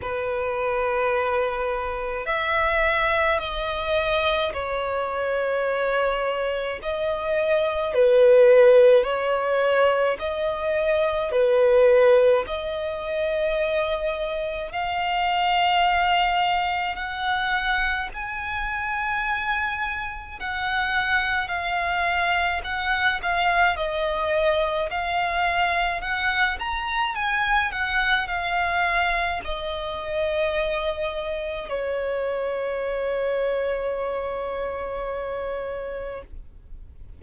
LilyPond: \new Staff \with { instrumentName = "violin" } { \time 4/4 \tempo 4 = 53 b'2 e''4 dis''4 | cis''2 dis''4 b'4 | cis''4 dis''4 b'4 dis''4~ | dis''4 f''2 fis''4 |
gis''2 fis''4 f''4 | fis''8 f''8 dis''4 f''4 fis''8 ais''8 | gis''8 fis''8 f''4 dis''2 | cis''1 | }